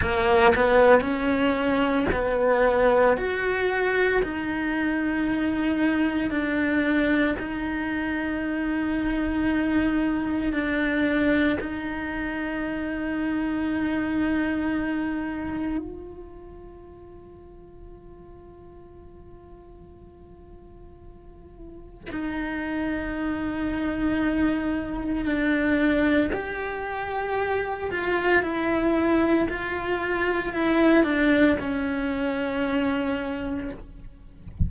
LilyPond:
\new Staff \with { instrumentName = "cello" } { \time 4/4 \tempo 4 = 57 ais8 b8 cis'4 b4 fis'4 | dis'2 d'4 dis'4~ | dis'2 d'4 dis'4~ | dis'2. f'4~ |
f'1~ | f'4 dis'2. | d'4 g'4. f'8 e'4 | f'4 e'8 d'8 cis'2 | }